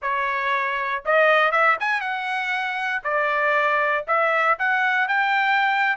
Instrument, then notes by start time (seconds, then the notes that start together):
trumpet
0.01 C#5
1.05 D#5
1.51 E5
1.80 G#5
2.00 F#5
3.03 D5
4.07 E5
4.58 F#5
5.08 G5